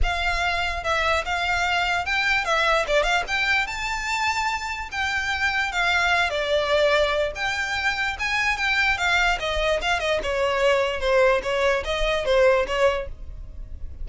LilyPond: \new Staff \with { instrumentName = "violin" } { \time 4/4 \tempo 4 = 147 f''2 e''4 f''4~ | f''4 g''4 e''4 d''8 f''8 | g''4 a''2. | g''2 f''4. d''8~ |
d''2 g''2 | gis''4 g''4 f''4 dis''4 | f''8 dis''8 cis''2 c''4 | cis''4 dis''4 c''4 cis''4 | }